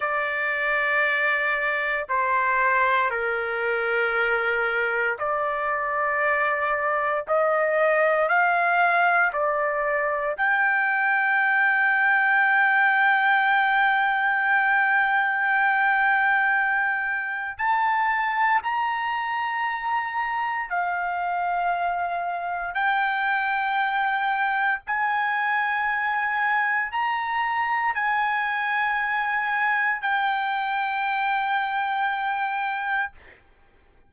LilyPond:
\new Staff \with { instrumentName = "trumpet" } { \time 4/4 \tempo 4 = 58 d''2 c''4 ais'4~ | ais'4 d''2 dis''4 | f''4 d''4 g''2~ | g''1~ |
g''4 a''4 ais''2 | f''2 g''2 | gis''2 ais''4 gis''4~ | gis''4 g''2. | }